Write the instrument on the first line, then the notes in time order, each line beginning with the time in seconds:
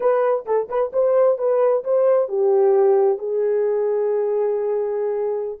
horn
0.00 B4
0.45 A4
0.68 B4
0.92 C5
1.37 B4
1.84 C5
2.28 G4
3.18 G#4